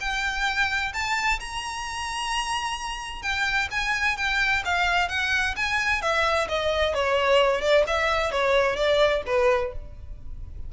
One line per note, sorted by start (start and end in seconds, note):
0.00 0.92 G5
0.93 1.39 A5
1.40 3.22 A#5
3.22 3.68 G5
3.71 4.17 G#5
4.17 4.63 G5
4.65 5.09 F5
5.09 5.55 F#5
5.56 6.01 G#5
6.01 6.48 E5
6.48 6.94 D#5
6.94 7.61 C#5
7.61 7.84 D5
7.87 8.31 E5
8.31 8.76 C#5
8.76 9.22 D5
9.26 9.72 B4